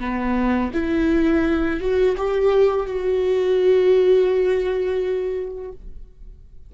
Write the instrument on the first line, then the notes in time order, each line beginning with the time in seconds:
viola
0.00 B3
0.74 E4
1.81 F#4
2.17 G4
2.86 F#4